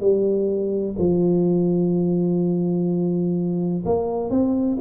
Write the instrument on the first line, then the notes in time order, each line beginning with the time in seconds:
tuba
0.00 G3
0.98 F3
3.85 A#3
4.30 C4